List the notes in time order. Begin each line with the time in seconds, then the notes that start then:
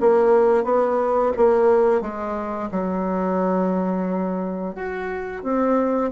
0.00 A#3
0.64 B3
1.36 A#3
2.01 G#3
2.71 F#3
4.75 F#4
5.43 C4